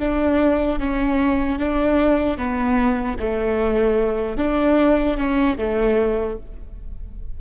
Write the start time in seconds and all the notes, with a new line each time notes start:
0.00 D4
0.80 C#4
1.59 D4
2.38 B3
3.20 A3
4.38 D4
5.18 C#4
5.58 A3